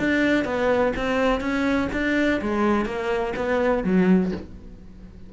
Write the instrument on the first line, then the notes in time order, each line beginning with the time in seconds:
cello
0.00 D4
0.45 B3
0.97 C4
1.41 C#4
1.93 D4
2.42 G#3
2.86 A#3
3.36 B3
3.84 F#3